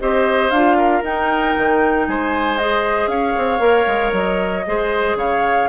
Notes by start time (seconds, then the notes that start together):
0.00 C4 G4 C5 D#5
0.51 D4 F4 F5
0.78 A#4
1.03 D#4 G5
1.57 D#3
2.08 G#3 C5 G#5
2.58 G#4 D#5
3.07 C#4 C#5 F5
3.38 C4
3.60 A#3 A#4
3.87 G#3
4.13 F#3 D#5
4.67 G#3 G#4 C5
5.15 C#3 C#5 F5